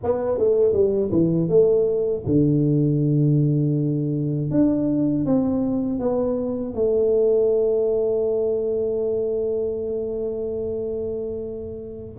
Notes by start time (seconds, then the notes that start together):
0.03 B3
0.38 A3
0.72 G3
1.11 E3
1.49 A3
2.26 D3
4.50 D4
5.25 C4
5.99 B3
6.74 A3